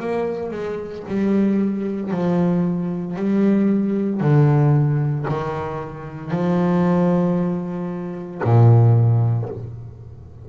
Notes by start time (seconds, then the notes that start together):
0.00 A#3
0.51 G#3
1.09 G3
2.11 F3
3.16 G3
4.21 D3
5.28 D#3
6.31 F3
8.44 A#2